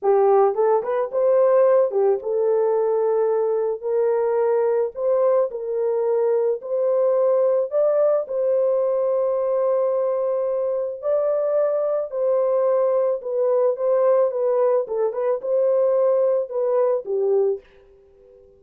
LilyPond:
\new Staff \with { instrumentName = "horn" } { \time 4/4 \tempo 4 = 109 g'4 a'8 b'8 c''4. g'8 | a'2. ais'4~ | ais'4 c''4 ais'2 | c''2 d''4 c''4~ |
c''1 | d''2 c''2 | b'4 c''4 b'4 a'8 b'8 | c''2 b'4 g'4 | }